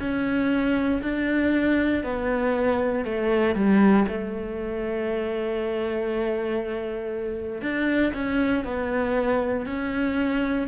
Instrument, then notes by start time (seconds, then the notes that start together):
cello
0.00 C#4
1.02 D4
2.03 B3
3.05 A3
3.55 G3
4.08 A3
7.61 D4
8.14 C#4
8.64 B3
9.66 C#4